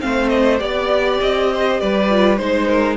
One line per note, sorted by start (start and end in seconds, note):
0.00 0.61 A3
0.00 0.58 C4
0.00 0.63 C5
0.00 0.29 F5
0.29 0.59 D#5
0.58 1.21 B3
0.58 2.07 G4
0.58 1.19 D5
0.58 1.53 D5
1.21 1.81 C4
1.21 1.81 D#5
1.53 1.81 C5
1.81 2.40 G3
1.81 2.41 B4
1.81 2.37 D5
2.10 2.39 F4
2.37 2.97 G#3
2.37 2.97 D#4
2.37 2.97 C5
2.37 2.68 C5
2.68 2.97 A#4